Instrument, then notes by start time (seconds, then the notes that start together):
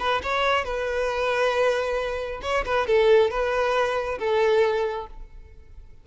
violin
0.00 B4
0.23 C#5
0.65 B4
2.43 C#5
2.66 B4
2.87 A4
3.31 B4
4.19 A4